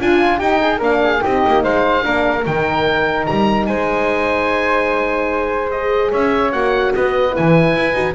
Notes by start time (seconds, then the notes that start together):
0.00 D4 F4 G#5
0.39 D#4 G4 G5
0.61 G#4
0.78 A#3 D4 A#4 F5
1.04 G#4
1.22 C4 D#4 G4 D#5
1.48 A#3
1.63 G#3 C5 F5
2.03 A#3 D4 A#4
2.47 D#3 D#4 G5
3.27 G3 A#5
3.67 G#3 C5 G#5
5.71 G#4 D#5
6.12 C#4 C#5 E5
6.52 A#3 F#4 F#5
6.95 B3 B4 D#5
7.31 E4 G#5
7.39 E3
7.76 E4
7.94 D#4 F#4